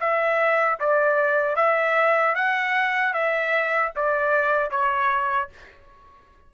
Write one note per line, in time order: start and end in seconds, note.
0.00 0.79 E5
0.80 1.56 D5
1.56 2.35 E5
2.35 3.13 F#5
3.13 3.92 E5
3.95 4.70 D5
4.70 5.49 C#5